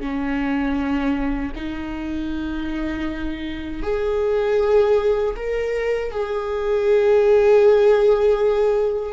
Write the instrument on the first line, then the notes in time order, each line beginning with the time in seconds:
viola
0.00 C#4
1.55 D#4
3.83 G#4
5.36 A#4
6.11 G#4